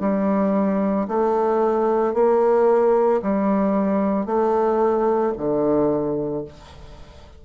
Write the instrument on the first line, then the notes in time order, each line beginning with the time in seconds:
bassoon
0.00 G3
1.08 A3
2.14 A#3
3.22 G3
4.26 A3
5.38 D3